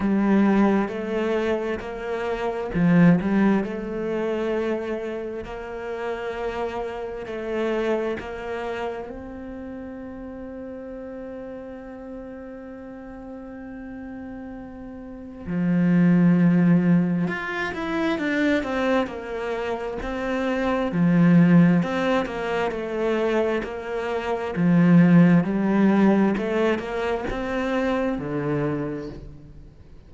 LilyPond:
\new Staff \with { instrumentName = "cello" } { \time 4/4 \tempo 4 = 66 g4 a4 ais4 f8 g8 | a2 ais2 | a4 ais4 c'2~ | c'1~ |
c'4 f2 f'8 e'8 | d'8 c'8 ais4 c'4 f4 | c'8 ais8 a4 ais4 f4 | g4 a8 ais8 c'4 d4 | }